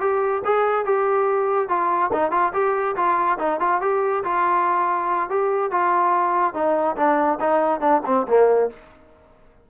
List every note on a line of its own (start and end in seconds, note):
0.00 0.42 G4
0.44 0.85 G#4
0.85 1.68 G4
1.68 2.10 F4
2.12 2.31 D#4
2.31 2.52 F4
2.53 2.95 G4
2.96 3.38 F4
3.39 3.60 D#4
3.60 3.81 F4
3.81 4.23 G4
4.24 5.29 F4
5.29 5.71 G4
5.71 6.54 F4
6.54 6.96 D#4
6.96 7.38 D4
7.40 7.80 D#4
7.80 8.01 D4
8.05 8.26 C4
8.27 8.69 A#3